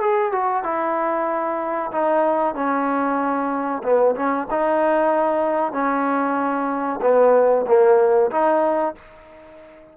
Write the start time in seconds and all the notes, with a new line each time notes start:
0.00 G#4
0.32 F#4
0.64 E4
1.91 D#4
2.55 C#4
3.83 B3
4.15 C#4
4.50 D#4
5.72 C#4
7.02 B3
7.67 A#3
8.31 D#4